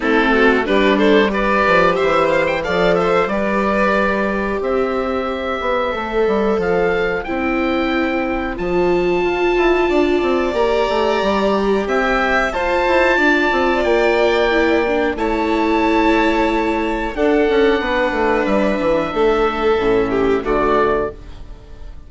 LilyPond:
<<
  \new Staff \with { instrumentName = "oboe" } { \time 4/4 \tempo 4 = 91 a'4 b'8 c''8 d''4 e''8 f''16 g''16 | f''8 e''8 d''2 e''4~ | e''2 f''4 g''4~ | g''4 a''2. |
ais''2 g''4 a''4~ | a''4 g''2 a''4~ | a''2 fis''2 | e''2. d''4 | }
  \new Staff \with { instrumentName = "violin" } { \time 4/4 e'8 fis'8 g'8 a'8 b'4 c''4 | d''8 c''8 b'2 c''4~ | c''1~ | c''2. d''4~ |
d''2 e''4 c''4 | d''2. cis''4~ | cis''2 a'4 b'4~ | b'4 a'4. g'8 fis'4 | }
  \new Staff \with { instrumentName = "viola" } { \time 4/4 c'4 d'4 g'2 | a'4 g'2.~ | g'4 a'2 e'4~ | e'4 f'2. |
g'2. f'4~ | f'2 e'8 d'8 e'4~ | e'2 d'2~ | d'2 cis'4 a4 | }
  \new Staff \with { instrumentName = "bassoon" } { \time 4/4 a4 g4. f8 e4 | f4 g2 c'4~ | c'8 b8 a8 g8 f4 c'4~ | c'4 f4 f'8 e'8 d'8 c'8 |
ais8 a8 g4 c'4 f'8 e'8 | d'8 c'8 ais2 a4~ | a2 d'8 cis'8 b8 a8 | g8 e8 a4 a,4 d4 | }
>>